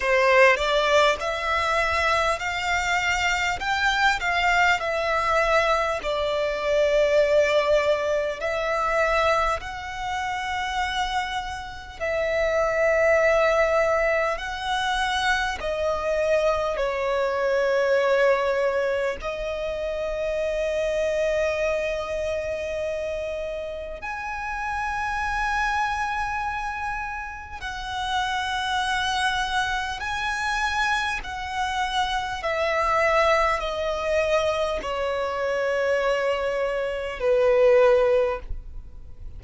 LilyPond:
\new Staff \with { instrumentName = "violin" } { \time 4/4 \tempo 4 = 50 c''8 d''8 e''4 f''4 g''8 f''8 | e''4 d''2 e''4 | fis''2 e''2 | fis''4 dis''4 cis''2 |
dis''1 | gis''2. fis''4~ | fis''4 gis''4 fis''4 e''4 | dis''4 cis''2 b'4 | }